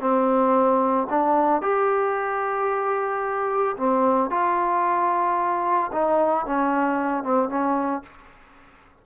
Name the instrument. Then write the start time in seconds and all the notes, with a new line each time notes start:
trombone
0.00 C4
1.09 D4
1.61 G4
3.77 C4
4.30 F4
5.92 D#4
6.45 C#4
7.23 C4
7.49 C#4